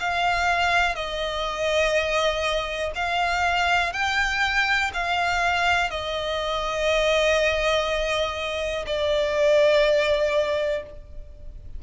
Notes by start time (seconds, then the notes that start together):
0.00 F5
0.95 D#5
2.95 F5
3.93 G5
4.94 F5
5.91 D#5
8.86 D5